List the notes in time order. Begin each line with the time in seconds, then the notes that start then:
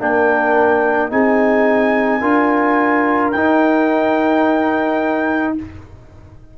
0.00 A#3 D4 A#4 G5
1.10 C4 D#4 G#4 G#5
2.22 D4 F4 A#4
3.32 D#4 G5